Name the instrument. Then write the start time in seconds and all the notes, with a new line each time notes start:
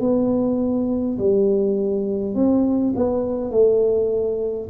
tuba
0.00 B3
1.18 G3
2.34 C4
2.95 B3
3.50 A3